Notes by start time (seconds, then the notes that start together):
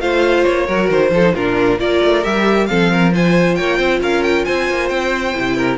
0.00 A3 F4 C5 F5
0.44 A#3 C#5
0.66 F#3 F#4 A#4
0.89 D#3 C5
1.10 F3 F4 A4
1.21 D#4
1.34 A#2 D4 F4 A#4
1.78 A#3 F4 A#4 D5
2.03 A3
2.23 G3 G4 E5
2.66 F3 C4 A4 F5
2.91 A#4
3.12 F4 C5 G#5
3.55 A#3 C#5 G5
3.77 C4 C5
4.00 C#4 A#4 F5
4.22 G5
4.44 C4 C5 G#5
4.69 A#3
4.88 C4 G5
5.34 C3 E4
5.56 A#4